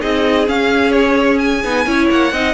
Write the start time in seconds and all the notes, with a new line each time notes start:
0.00 C4 D#4 G#4 D#5
0.46 C#4 F5
0.92 C#5
1.38 G#5
1.63 B3 D#4
1.86 C#4 E4 C#5
2.11 A#3 F#5
2.32 C4 D#4 D#5